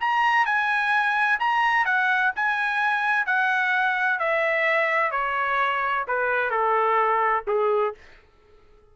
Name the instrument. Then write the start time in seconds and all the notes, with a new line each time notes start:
trumpet
0.00 A#5
0.46 G#5
1.40 A#5
1.85 F#5
2.36 G#5
3.26 F#5
4.19 E5
5.12 C#5
6.08 B4
6.50 A4
7.47 G#4